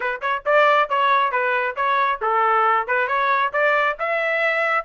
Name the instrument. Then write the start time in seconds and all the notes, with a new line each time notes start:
trumpet
0.00 B4
0.21 C#5
0.45 D5
0.89 C#5
1.31 B4
1.76 C#5
2.21 A4
2.87 B4
3.07 C#5
3.52 D5
3.99 E5